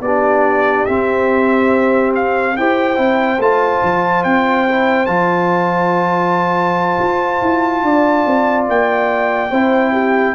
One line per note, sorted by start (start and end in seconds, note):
0.00 0.85 B3
0.00 0.87 D4
0.00 2.57 G4
0.00 0.85 D5
0.85 2.56 C4
0.85 2.57 C4
0.85 2.12 E5
2.15 2.56 F5
2.56 2.97 E4
2.56 2.96 G4
2.56 7.84 C5
2.56 3.41 G5
2.96 3.38 C4
2.96 3.38 E4
3.38 3.80 A3
3.38 4.68 F4
3.38 4.24 A5
3.82 4.24 F3
4.24 5.07 C4
4.24 5.05 G5
4.68 5.06 E4
5.05 6.97 F3
5.05 9.50 F4
5.05 8.65 A5
6.99 7.41 F4
7.41 7.82 E4
7.82 8.25 D4
7.82 9.51 D5
8.26 8.68 C4
8.68 9.51 A#3
8.68 10.35 G5
9.51 10.35 C4
9.51 10.35 E4
9.51 9.92 C5
9.92 10.34 G4